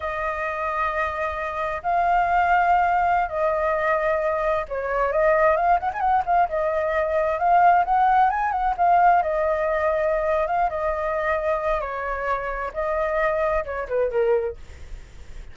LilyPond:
\new Staff \with { instrumentName = "flute" } { \time 4/4 \tempo 4 = 132 dis''1 | f''2.~ f''16 dis''8.~ | dis''2~ dis''16 cis''4 dis''8.~ | dis''16 f''8 fis''16 gis''16 fis''8 f''8 dis''4.~ dis''16~ |
dis''16 f''4 fis''4 gis''8 fis''8 f''8.~ | f''16 dis''2~ dis''8. f''8 dis''8~ | dis''2 cis''2 | dis''2 cis''8 b'8 ais'4 | }